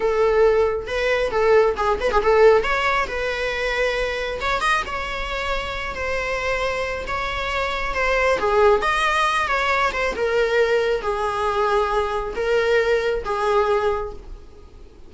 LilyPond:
\new Staff \with { instrumentName = "viola" } { \time 4/4 \tempo 4 = 136 a'2 b'4 a'4 | gis'8 b'16 gis'16 a'4 cis''4 b'4~ | b'2 cis''8 dis''8 cis''4~ | cis''4. c''2~ c''8 |
cis''2 c''4 gis'4 | dis''4. cis''4 c''8 ais'4~ | ais'4 gis'2. | ais'2 gis'2 | }